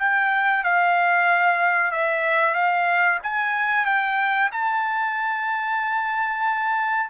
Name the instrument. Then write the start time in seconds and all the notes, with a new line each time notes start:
trumpet
0.00 G5
0.65 F5
1.92 E5
2.55 F5
3.23 G#5
3.86 G5
4.52 A5